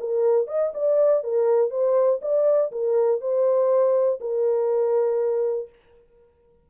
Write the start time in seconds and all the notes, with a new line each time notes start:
0.00 A#4
0.47 D#5
0.74 D5
1.23 A#4
1.70 C5
2.21 D5
2.71 A#4
3.20 C5
4.20 A#4